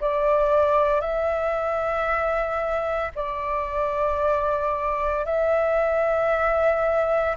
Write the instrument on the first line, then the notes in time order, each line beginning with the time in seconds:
flute
0.00 D5
1.00 E5
3.15 D5
5.25 E5